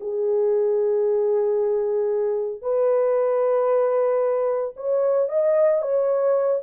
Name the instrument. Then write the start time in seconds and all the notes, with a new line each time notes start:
horn
0.00 G#4
2.61 B4
4.76 C#5
5.29 D#5
5.82 C#5